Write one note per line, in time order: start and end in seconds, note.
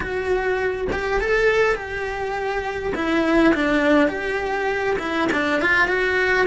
0.00 0.87 F#4
0.92 1.21 G4
1.21 1.75 A4
1.75 2.93 G4
2.95 3.53 E4
3.54 4.08 D4
4.08 4.96 G4
4.98 5.28 E4
5.32 5.61 D4
5.61 5.87 F4
5.87 6.46 F#4